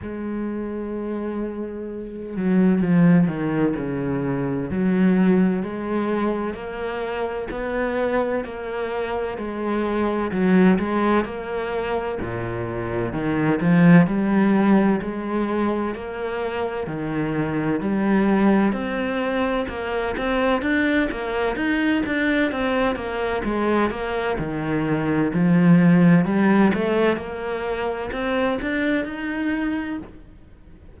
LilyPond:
\new Staff \with { instrumentName = "cello" } { \time 4/4 \tempo 4 = 64 gis2~ gis8 fis8 f8 dis8 | cis4 fis4 gis4 ais4 | b4 ais4 gis4 fis8 gis8 | ais4 ais,4 dis8 f8 g4 |
gis4 ais4 dis4 g4 | c'4 ais8 c'8 d'8 ais8 dis'8 d'8 | c'8 ais8 gis8 ais8 dis4 f4 | g8 a8 ais4 c'8 d'8 dis'4 | }